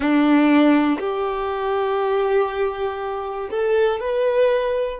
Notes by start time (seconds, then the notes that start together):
0.00 D4
0.99 G4
3.50 A4
4.00 B4